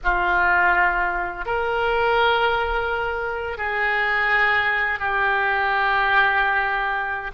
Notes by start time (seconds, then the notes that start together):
0.03 F4
1.45 A#4
3.57 G#4
4.99 G4